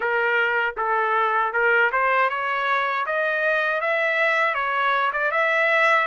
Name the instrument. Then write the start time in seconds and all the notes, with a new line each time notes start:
trumpet
0.00 A#4
0.76 A4
1.52 A#4
1.92 C5
2.29 C#5
3.06 D#5
3.80 E5
4.54 C#5
5.13 D5
5.31 E5